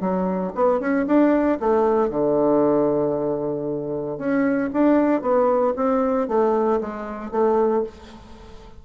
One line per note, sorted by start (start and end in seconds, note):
0.00 0.52 F#3
0.55 0.79 B3
0.79 1.06 C#4
1.06 1.58 D4
1.60 2.09 A3
2.09 4.18 D3
4.18 4.70 C#4
4.73 5.21 D4
5.21 5.73 B3
5.75 6.28 C4
6.28 6.80 A3
6.81 7.31 G#3
7.31 7.83 A3